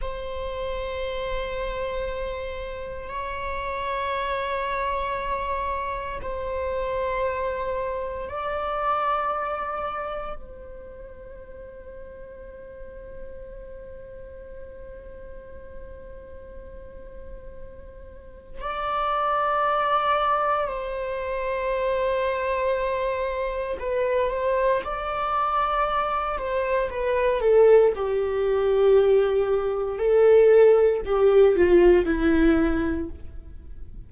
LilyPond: \new Staff \with { instrumentName = "viola" } { \time 4/4 \tempo 4 = 58 c''2. cis''4~ | cis''2 c''2 | d''2 c''2~ | c''1~ |
c''2 d''2 | c''2. b'8 c''8 | d''4. c''8 b'8 a'8 g'4~ | g'4 a'4 g'8 f'8 e'4 | }